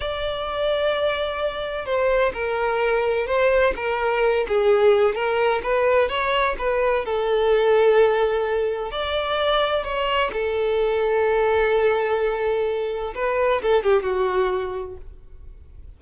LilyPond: \new Staff \with { instrumentName = "violin" } { \time 4/4 \tempo 4 = 128 d''1 | c''4 ais'2 c''4 | ais'4. gis'4. ais'4 | b'4 cis''4 b'4 a'4~ |
a'2. d''4~ | d''4 cis''4 a'2~ | a'1 | b'4 a'8 g'8 fis'2 | }